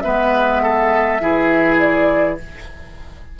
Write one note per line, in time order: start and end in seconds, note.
0.00 1.21 G#3
0.00 1.20 B3
0.00 0.62 B4
0.00 1.76 E5
0.62 1.21 A4
1.20 2.38 E3
1.20 2.38 E4
1.20 2.39 G#4
1.78 2.37 D5